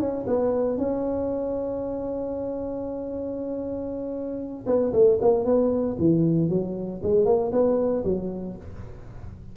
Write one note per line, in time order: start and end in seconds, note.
0.00 0.26 C#4
0.27 0.78 B3
0.78 4.66 C#4
4.67 4.93 B3
4.93 5.19 A3
5.22 5.45 A#3
5.45 5.97 B3
6.00 6.50 E3
6.50 7.02 F#3
7.03 7.26 G#3
7.26 7.52 A#3
7.53 8.04 B3
8.05 8.57 F#3